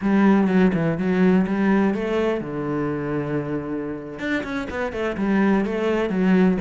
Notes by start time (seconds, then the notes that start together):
0.01 G3
0.47 F#3
0.73 E3
0.98 F#3
1.46 G3
1.94 A3
2.40 D3
4.19 D4
4.43 C#4
4.70 B3
4.92 A3
5.17 G3
5.65 A3
6.09 F#3